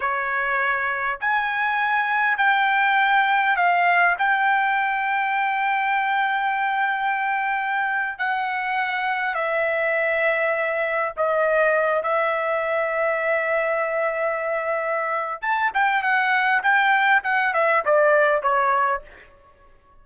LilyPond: \new Staff \with { instrumentName = "trumpet" } { \time 4/4 \tempo 4 = 101 cis''2 gis''2 | g''2 f''4 g''4~ | g''1~ | g''4.~ g''16 fis''2 e''16~ |
e''2~ e''8. dis''4~ dis''16~ | dis''16 e''2.~ e''8.~ | e''2 a''8 g''8 fis''4 | g''4 fis''8 e''8 d''4 cis''4 | }